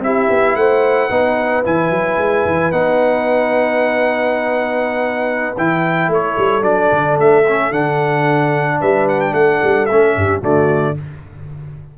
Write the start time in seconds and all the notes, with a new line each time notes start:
0.00 C4 E4 G4 E5
0.30 B3
0.56 A3 C5 F#5
1.10 B3 D#4 B4
1.65 E3 E4 G#5
1.90 F#3
2.18 G#3
2.45 E3
2.72 B3 D#4 F#5
5.57 E3 E4 G5
6.08 A3 A4 C#5
6.38 G3
6.62 F#3 D4 D5
6.92 D3
7.19 A3 E5
7.48 C#4
7.71 D3 D4 F#5
8.80 G3 B4 E5
9.09 F#5
9.21 G5
9.33 A3 A4 F#5
9.64 G3
9.86 A3 C#4 E5
10.16 G2 G4
10.41 D3 A3 F#4 D5